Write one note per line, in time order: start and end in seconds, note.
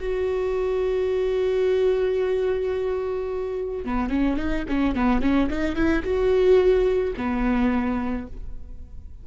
0.00 3.85 F#4
3.85 4.10 B3
4.10 4.37 C#4
4.37 4.65 D#4
4.69 4.95 C#4
4.95 5.22 B3
5.22 5.49 C#4
5.50 5.76 D#4
5.76 6.03 E4
6.04 7.14 F#4
7.17 8.27 B3